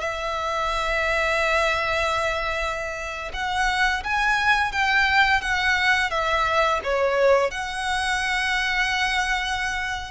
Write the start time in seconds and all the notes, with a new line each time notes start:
0.00 E5
3.33 F#5
4.03 G#5
4.72 G5
5.41 F#5
6.10 E5
6.84 C#5
7.51 F#5